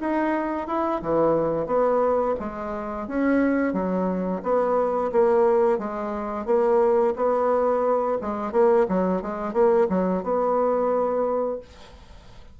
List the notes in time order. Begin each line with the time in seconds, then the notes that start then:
0.00 D#4
0.67 E4
1.02 E3
1.67 B3
2.40 G#3
3.08 C#4
3.73 F#3
4.43 B3
5.12 A#3
5.79 G#3
6.46 A#3
7.16 B3
8.21 G#3
8.52 A#3
8.89 F#3
9.22 G#3
9.54 A#3
9.89 F#3
10.23 B3